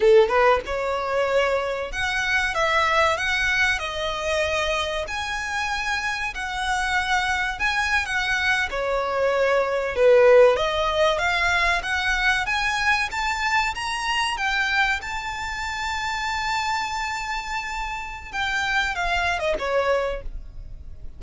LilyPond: \new Staff \with { instrumentName = "violin" } { \time 4/4 \tempo 4 = 95 a'8 b'8 cis''2 fis''4 | e''4 fis''4 dis''2 | gis''2 fis''2 | gis''8. fis''4 cis''2 b'16~ |
b'8. dis''4 f''4 fis''4 gis''16~ | gis''8. a''4 ais''4 g''4 a''16~ | a''1~ | a''4 g''4 f''8. dis''16 cis''4 | }